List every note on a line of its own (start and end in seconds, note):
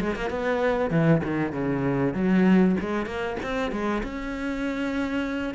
0.00 0.15 G#3
0.15 0.30 A#3
0.30 0.90 B3
0.90 1.21 E3
1.23 1.52 D#3
1.52 2.14 C#3
2.14 2.76 F#3
2.80 3.06 G#3
3.06 3.37 A#3
3.42 3.71 C4
3.71 4.02 G#3
4.03 5.54 C#4